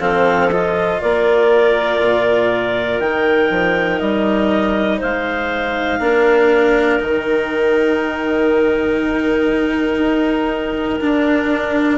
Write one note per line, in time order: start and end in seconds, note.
0.00 1.00 F3
0.00 0.50 C4
0.00 1.01 A4
0.00 0.51 F5
0.52 3.02 F4
0.52 1.01 D#5
1.01 2.01 A#3
1.01 4.99 A#4
1.01 3.00 D5
2.01 3.00 A#2
3.00 3.50 D#3
3.00 6.00 D#4
3.00 4.00 G5
3.50 4.00 F3
4.00 5.01 G3
4.00 5.00 D#5
4.99 6.00 G#3
4.99 5.99 C5
4.99 7.01 F5
6.00 7.00 A#3
6.00 7.00 D4
6.00 11.98 A#4
7.00 9.99 D#3
7.00 11.00 D#4
7.00 11.98 G5
9.99 10.99 D#4
11.01 11.98 D4